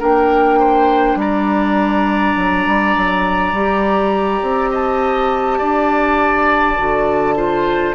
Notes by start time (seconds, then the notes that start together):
0.00 A#3 D4 A#4 G5
0.60 C5
1.16 G3 D5 A#5
2.37 F#3
2.66 G3
2.97 F#3
3.53 G3 G4
4.42 C4
4.71 D#5 A5
5.59 D4 D5
6.78 D3 F#4
7.36 F4 C5